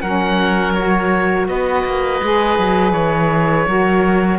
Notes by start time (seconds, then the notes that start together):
0.00 F#3 C#4 A#4 F#5
0.73 F#4 C#5
1.47 B3 B4 D#5
1.84 A#3
2.22 G#3 G#4
2.58 F#3
2.92 E3 C#5
3.67 F#3 F#4 A#4